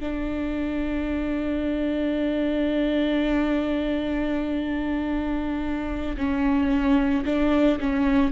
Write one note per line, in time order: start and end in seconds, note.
0.00 6.16 D4
6.17 7.24 C#4
7.25 7.79 D4
7.80 8.32 C#4